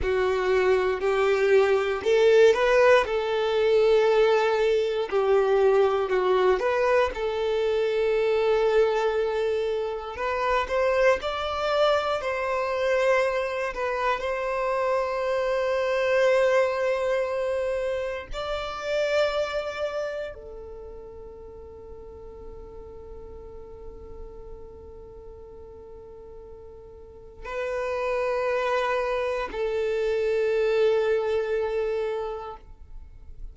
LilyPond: \new Staff \with { instrumentName = "violin" } { \time 4/4 \tempo 4 = 59 fis'4 g'4 a'8 b'8 a'4~ | a'4 g'4 fis'8 b'8 a'4~ | a'2 b'8 c''8 d''4 | c''4. b'8 c''2~ |
c''2 d''2 | a'1~ | a'2. b'4~ | b'4 a'2. | }